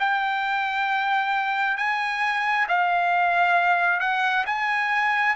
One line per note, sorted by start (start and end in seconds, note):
0.00 1.77 G5
1.77 2.67 G#5
2.69 4.01 F5
4.01 4.45 F#5
4.47 5.36 G#5